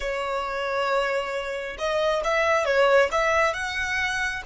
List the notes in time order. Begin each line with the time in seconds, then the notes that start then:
0.00 C#5
1.78 D#5
2.24 E5
2.65 C#5
3.11 E5
3.53 F#5